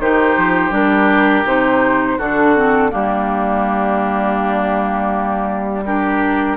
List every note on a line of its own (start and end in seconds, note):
0.00 0.37 D#3
0.00 0.71 D#4
0.00 2.18 G4
0.00 0.74 C5
0.37 0.71 F3
0.71 1.44 G3
0.71 1.44 D4
0.71 1.47 A#4
1.45 2.18 C3
1.45 2.19 D#4
1.45 2.19 C5
2.18 2.93 D3
2.18 2.56 D4
2.18 2.91 F#4
2.18 2.92 A4
2.56 2.90 C4
2.90 6.57 G3
2.90 5.83 A#3
2.90 5.84 D4
2.90 5.86 G4
5.86 6.57 D4
5.86 6.57 G4
5.86 6.57 A#4